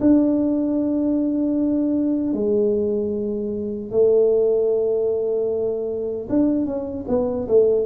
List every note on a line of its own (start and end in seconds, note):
0.00 2.33 D4
2.33 3.91 G#3
3.91 6.28 A3
6.29 6.66 D4
6.66 7.05 C#4
7.08 7.47 B3
7.47 7.86 A3